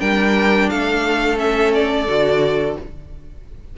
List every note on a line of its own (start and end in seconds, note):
0.00 0.70 G3
0.00 1.37 D4
0.00 0.70 A#4
0.00 0.69 G5
0.69 2.07 A3
0.69 2.78 A4
0.69 1.38 F5
1.37 2.06 C#4
1.37 1.73 E5
1.74 2.77 D5
2.07 2.76 D3
2.07 2.77 F#4